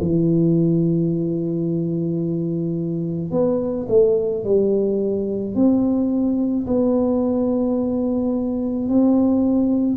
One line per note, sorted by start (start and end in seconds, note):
0.00 3.31 E3
3.31 3.86 B3
3.88 4.44 A3
4.44 5.55 G3
5.55 6.66 C4
6.66 8.88 B3
8.88 9.96 C4